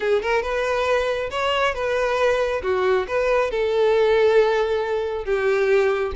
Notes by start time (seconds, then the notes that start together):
0.00 G#4
0.22 A#4
0.42 B4
1.30 C#5
1.74 B4
2.62 F#4
3.07 B4
3.50 A4
5.25 G4